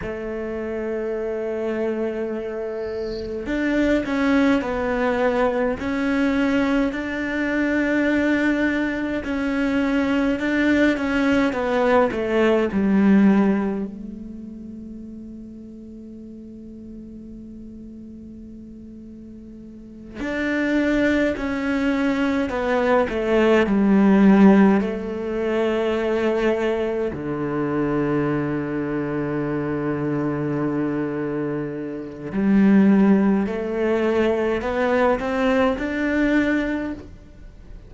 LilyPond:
\new Staff \with { instrumentName = "cello" } { \time 4/4 \tempo 4 = 52 a2. d'8 cis'8 | b4 cis'4 d'2 | cis'4 d'8 cis'8 b8 a8 g4 | a1~ |
a4. d'4 cis'4 b8 | a8 g4 a2 d8~ | d1 | g4 a4 b8 c'8 d'4 | }